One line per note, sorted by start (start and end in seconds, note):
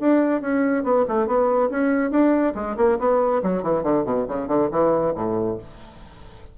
0.00 0.41 D4
0.41 0.84 C#4
0.84 1.05 B3
1.08 1.27 A3
1.27 1.70 B3
1.70 2.11 C#4
2.11 2.54 D4
2.55 2.76 G#3
2.77 2.98 A#3
2.99 3.42 B3
3.43 3.63 F#3
3.63 3.83 E3
3.83 4.05 D3
4.05 4.26 B2
4.28 4.48 C#3
4.48 4.69 D3
4.71 5.14 E3
5.15 5.58 A2